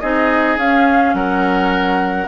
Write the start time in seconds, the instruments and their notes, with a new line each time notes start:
0.00 bassoon C4, clarinet D#4, oboe G#4, flute D#5
0.57 bassoon C#4, clarinet C#4, flute F5
1.13 bassoon F#3, oboe A#4, flute F#5